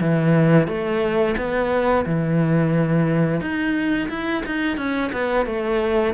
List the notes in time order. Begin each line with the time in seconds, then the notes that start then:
0.00 E3
0.67 A3
1.37 B3
2.05 E3
3.41 D#4
4.09 E4
4.46 D#4
4.77 C#4
5.12 B3
5.45 A3